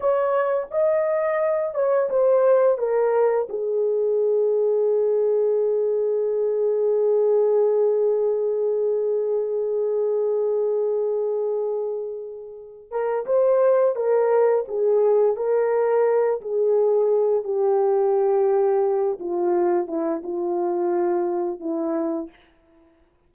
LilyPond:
\new Staff \with { instrumentName = "horn" } { \time 4/4 \tempo 4 = 86 cis''4 dis''4. cis''8 c''4 | ais'4 gis'2.~ | gis'1~ | gis'1~ |
gis'2~ gis'8 ais'8 c''4 | ais'4 gis'4 ais'4. gis'8~ | gis'4 g'2~ g'8 f'8~ | f'8 e'8 f'2 e'4 | }